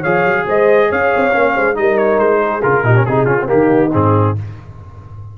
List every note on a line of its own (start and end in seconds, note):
0.00 0.24 F3
0.00 1.31 G#4
0.00 0.43 C#5
0.00 0.45 F5
0.24 0.46 F#3
0.46 0.90 G#3
0.46 0.88 C5
0.46 0.91 D#5
0.88 1.13 C#4
0.88 1.53 C#5
0.88 1.76 F5
1.16 1.34 C4
1.31 1.55 A#3
1.31 1.74 C#4
1.54 1.77 G#3
1.54 1.75 C5
1.74 2.18 G3
1.74 2.60 D#4
1.74 1.97 D#5
1.80 2.40 A#4
1.97 2.18 C#5
2.18 2.61 G#3
2.18 2.61 C5
2.40 2.84 G#4
2.62 2.83 C#3
2.62 2.84 F4
2.62 3.05 A#4
2.83 3.04 A#2
2.83 2.95 D#4
2.83 3.06 G4
2.95 3.06 C#4
3.05 3.27 C3
3.05 3.27 D#4
3.05 3.25 G#4
3.05 3.49 G#4
3.25 3.49 C#3
3.25 3.37 C#4
3.25 3.46 F4
3.40 3.46 C4
3.46 3.89 A#3
3.46 4.35 D#4
3.46 3.92 G4
3.52 3.94 D#3
3.92 4.37 G#2
3.92 4.35 C4
3.92 4.37 G#4